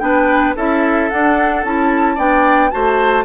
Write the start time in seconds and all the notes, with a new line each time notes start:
0.00 B3 D4 B4 G5
0.56 C#4 E4 A4 E5
1.10 D4 F#5
1.64 C#4 E4 A5
2.15 B3 D4 D5 G5
2.71 A3 F#4 C5 A5